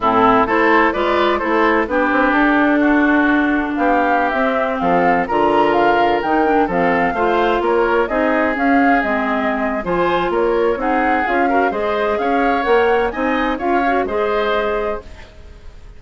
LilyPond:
<<
  \new Staff \with { instrumentName = "flute" } { \time 4/4 \tempo 4 = 128 a'4 c''4 d''4 c''4 | b'4 a'2. | f''4~ f''16 e''4 f''4 ais''8.~ | ais''16 f''4 g''4 f''4.~ f''16~ |
f''16 cis''4 dis''4 f''4 dis''8.~ | dis''4 gis''4 cis''4 fis''4 | f''4 dis''4 f''4 fis''4 | gis''4 f''4 dis''2 | }
  \new Staff \with { instrumentName = "oboe" } { \time 4/4 e'4 a'4 b'4 a'4 | g'2 fis'2 | g'2~ g'16 a'4 ais'8.~ | ais'2~ ais'16 a'4 c''8.~ |
c''16 ais'4 gis'2~ gis'8.~ | gis'4 c''4 ais'4 gis'4~ | gis'8 ais'8 c''4 cis''2 | dis''4 cis''4 c''2 | }
  \new Staff \with { instrumentName = "clarinet" } { \time 4/4 c'4 e'4 f'4 e'4 | d'1~ | d'4~ d'16 c'2 f'8.~ | f'4~ f'16 dis'8 d'8 c'4 f'8.~ |
f'4~ f'16 dis'4 cis'4 c'8.~ | c'4 f'2 dis'4 | f'8 fis'8 gis'2 ais'4 | dis'4 f'8 fis'8 gis'2 | }
  \new Staff \with { instrumentName = "bassoon" } { \time 4/4 a,4 a4 gis4 a4 | b8 c'8 d'2. | b4~ b16 c'4 f4 d8.~ | d4~ d16 dis4 f4 a8.~ |
a16 ais4 c'4 cis'4 gis8.~ | gis4 f4 ais4 c'4 | cis'4 gis4 cis'4 ais4 | c'4 cis'4 gis2 | }
>>